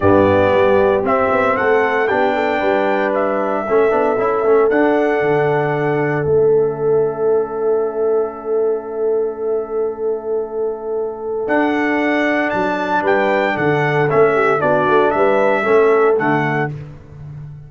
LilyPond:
<<
  \new Staff \with { instrumentName = "trumpet" } { \time 4/4 \tempo 4 = 115 d''2 e''4 fis''4 | g''2 e''2~ | e''4 fis''2. | e''1~ |
e''1~ | e''2 fis''2 | a''4 g''4 fis''4 e''4 | d''4 e''2 fis''4 | }
  \new Staff \with { instrumentName = "horn" } { \time 4/4 g'2. a'4 | g'8 a'8 b'2 a'4~ | a'1~ | a'1~ |
a'1~ | a'1~ | a'4 b'4 a'4. g'8 | fis'4 b'4 a'2 | }
  \new Staff \with { instrumentName = "trombone" } { \time 4/4 b2 c'2 | d'2. cis'8 d'8 | e'8 cis'8 d'2. | cis'1~ |
cis'1~ | cis'2 d'2~ | d'2. cis'4 | d'2 cis'4 a4 | }
  \new Staff \with { instrumentName = "tuba" } { \time 4/4 g,4 g4 c'8 b8 a4 | b4 g2 a8 b8 | cis'8 a8 d'4 d2 | a1~ |
a1~ | a2 d'2 | fis4 g4 d4 a4 | b8 a8 g4 a4 d4 | }
>>